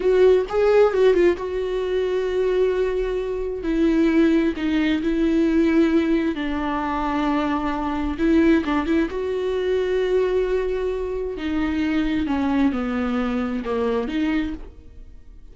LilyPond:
\new Staff \with { instrumentName = "viola" } { \time 4/4 \tempo 4 = 132 fis'4 gis'4 fis'8 f'8 fis'4~ | fis'1 | e'2 dis'4 e'4~ | e'2 d'2~ |
d'2 e'4 d'8 e'8 | fis'1~ | fis'4 dis'2 cis'4 | b2 ais4 dis'4 | }